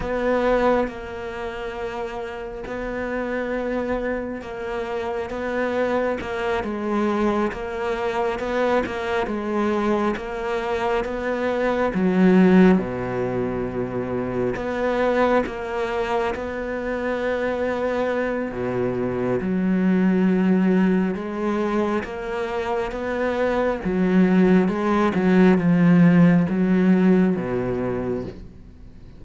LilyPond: \new Staff \with { instrumentName = "cello" } { \time 4/4 \tempo 4 = 68 b4 ais2 b4~ | b4 ais4 b4 ais8 gis8~ | gis8 ais4 b8 ais8 gis4 ais8~ | ais8 b4 fis4 b,4.~ |
b,8 b4 ais4 b4.~ | b4 b,4 fis2 | gis4 ais4 b4 fis4 | gis8 fis8 f4 fis4 b,4 | }